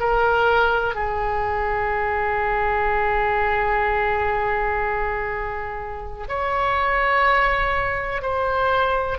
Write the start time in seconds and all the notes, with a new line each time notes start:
0.00 A#4
0.95 G#4
6.29 C#5
8.22 C5